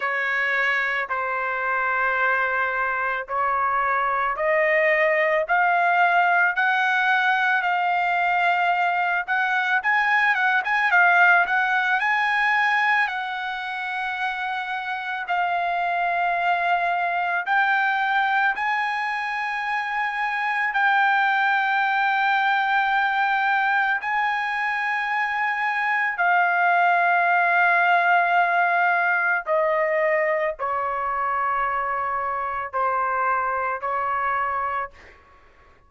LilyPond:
\new Staff \with { instrumentName = "trumpet" } { \time 4/4 \tempo 4 = 55 cis''4 c''2 cis''4 | dis''4 f''4 fis''4 f''4~ | f''8 fis''8 gis''8 fis''16 gis''16 f''8 fis''8 gis''4 | fis''2 f''2 |
g''4 gis''2 g''4~ | g''2 gis''2 | f''2. dis''4 | cis''2 c''4 cis''4 | }